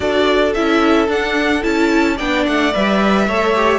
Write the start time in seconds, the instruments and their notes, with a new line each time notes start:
0.00 cello D4, viola F#4, violin A4 D5
0.54 cello C#4, viola E4, violin E5
1.08 cello D4, viola D4, violin F#5
1.61 cello C#4, viola E4, violin A5
2.16 cello B3, viola D4, violin D5 G5
2.46 cello A3, violin F#5
2.73 cello G3, viola B4, violin E5
3.27 cello A3, viola A4, violin C#5
3.54 viola G4